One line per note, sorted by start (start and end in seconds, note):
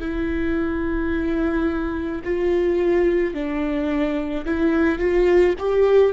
0.00 2.22 E4
2.24 3.34 F4
3.34 4.45 D4
4.46 4.98 E4
4.98 5.54 F4
5.59 6.13 G4